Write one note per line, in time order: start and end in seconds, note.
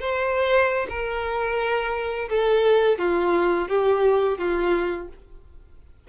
0.00 0.87 C5
0.89 2.29 A#4
2.29 2.99 A4
2.99 3.68 F4
3.68 4.38 G4
4.38 5.08 F4